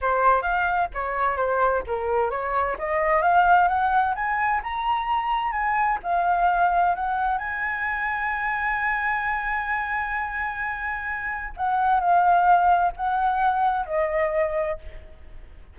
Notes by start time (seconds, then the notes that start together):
0.01 C5
0.42 F5
0.93 C#5
1.36 C5
1.86 A#4
2.30 C#5
2.78 D#5
3.22 F5
3.68 F#5
4.15 G#5
4.63 A#5
5.52 G#5
6.03 F5
6.95 F#5
7.37 G#5
11.56 F#5
12.00 F5
12.96 F#5
13.86 D#5